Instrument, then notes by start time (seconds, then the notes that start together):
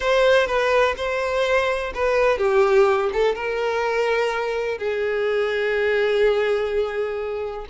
violin
0.00 C5
0.46 B4
0.96 C5
1.94 B4
2.38 G4
3.12 A4
3.35 A#4
4.77 G#4